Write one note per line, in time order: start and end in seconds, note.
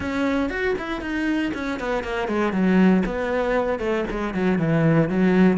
0.00 0.49 C#4
0.49 0.75 F#4
0.78 1.01 E4
1.01 1.51 D#4
1.54 1.79 C#4
1.79 2.03 B3
2.03 2.27 A#3
2.27 2.52 G#3
2.52 3.03 F#3
3.05 3.79 B3
3.79 4.04 A3
4.10 4.34 G#3
4.34 4.58 F#3
4.58 5.09 E3
5.09 5.57 F#3